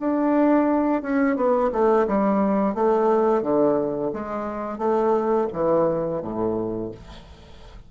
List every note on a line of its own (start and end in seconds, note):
0.00 1.03 D4
1.03 1.36 C#4
1.36 1.71 B3
1.72 2.07 A3
2.07 2.75 G3
2.75 3.42 A3
3.42 4.11 D3
4.13 4.78 G#3
4.78 5.47 A3
5.53 6.22 E3
6.22 6.91 A2